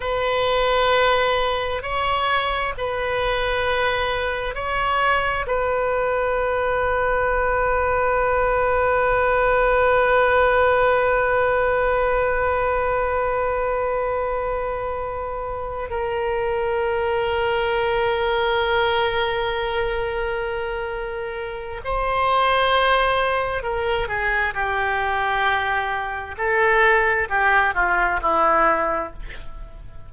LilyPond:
\new Staff \with { instrumentName = "oboe" } { \time 4/4 \tempo 4 = 66 b'2 cis''4 b'4~ | b'4 cis''4 b'2~ | b'1~ | b'1~ |
b'4. ais'2~ ais'8~ | ais'1 | c''2 ais'8 gis'8 g'4~ | g'4 a'4 g'8 f'8 e'4 | }